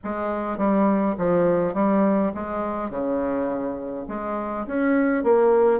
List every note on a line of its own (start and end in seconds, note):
0.04 0.57 G#3
0.57 1.15 G3
1.18 1.74 F3
1.74 2.32 G3
2.34 2.89 G#3
2.89 4.06 C#3
4.08 4.66 G#3
4.67 5.23 C#4
5.23 5.80 A#3